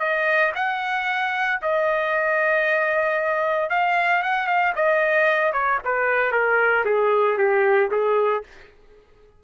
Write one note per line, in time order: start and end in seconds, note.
0.00 0.53 D#5
0.56 1.61 F#5
1.62 3.70 D#5
3.70 4.23 F5
4.23 4.47 F#5
4.47 4.74 F5
4.76 5.53 D#5
5.53 5.79 C#5
5.85 6.32 B4
6.32 6.85 A#4
6.86 7.38 G#4
7.38 7.91 G4
7.91 8.44 G#4